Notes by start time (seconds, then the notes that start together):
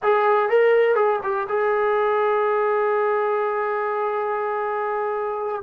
0.02 G#4
0.49 A#4
0.95 G#4
1.23 G4
1.48 G#4